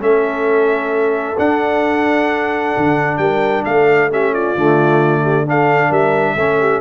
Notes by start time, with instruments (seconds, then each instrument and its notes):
0.00 tuba A3, trombone C#4, horn A4, trumpet E5
1.38 trombone D4, tuba D4, trumpet F#5
2.78 tuba D3
3.18 tuba G3, horn A#4, trumpet G5
3.65 tuba A3, horn A4, trumpet F5
4.11 trombone C#4, horn G4, trumpet E5
4.33 horn F4, trumpet D5
4.56 tuba D3, trombone A3
5.23 horn G4
5.47 trombone D4, horn A4, trumpet F5
5.89 tuba G3, horn A#4, trumpet E5
6.36 tuba A3, trombone C#4, horn A4
6.60 horn G4